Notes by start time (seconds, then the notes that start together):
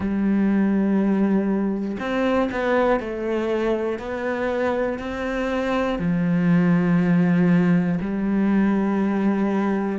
0.00 G3
2.00 C4
2.51 B3
3.00 A3
3.99 B3
4.98 C4
5.99 F3
8.00 G3